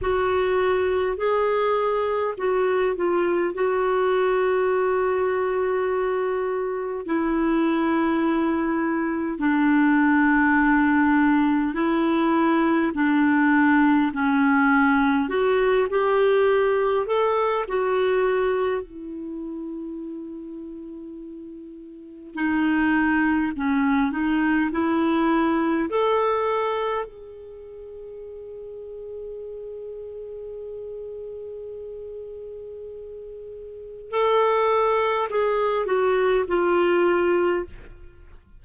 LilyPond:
\new Staff \with { instrumentName = "clarinet" } { \time 4/4 \tempo 4 = 51 fis'4 gis'4 fis'8 f'8 fis'4~ | fis'2 e'2 | d'2 e'4 d'4 | cis'4 fis'8 g'4 a'8 fis'4 |
e'2. dis'4 | cis'8 dis'8 e'4 a'4 gis'4~ | gis'1~ | gis'4 a'4 gis'8 fis'8 f'4 | }